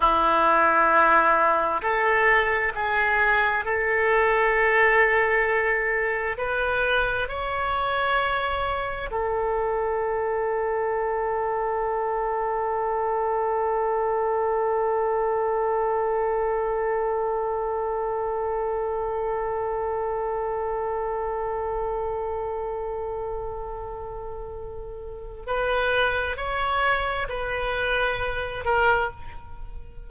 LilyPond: \new Staff \with { instrumentName = "oboe" } { \time 4/4 \tempo 4 = 66 e'2 a'4 gis'4 | a'2. b'4 | cis''2 a'2~ | a'1~ |
a'1~ | a'1~ | a'1 | b'4 cis''4 b'4. ais'8 | }